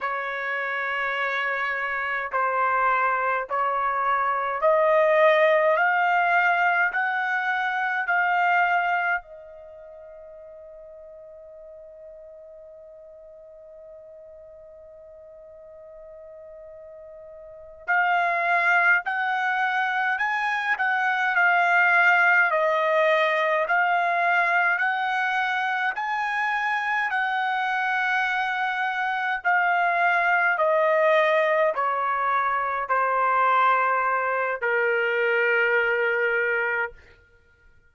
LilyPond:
\new Staff \with { instrumentName = "trumpet" } { \time 4/4 \tempo 4 = 52 cis''2 c''4 cis''4 | dis''4 f''4 fis''4 f''4 | dis''1~ | dis''2.~ dis''8 f''8~ |
f''8 fis''4 gis''8 fis''8 f''4 dis''8~ | dis''8 f''4 fis''4 gis''4 fis''8~ | fis''4. f''4 dis''4 cis''8~ | cis''8 c''4. ais'2 | }